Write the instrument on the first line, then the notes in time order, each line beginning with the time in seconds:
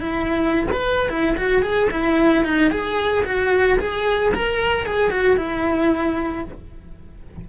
cello
0.00 E4
0.72 B4
1.09 E4
1.36 F#4
1.62 G#4
1.90 E4
2.44 D#4
2.71 G#4
3.24 F#4
3.79 G#4
4.34 A#4
4.86 G#4
5.11 F#4
5.37 E4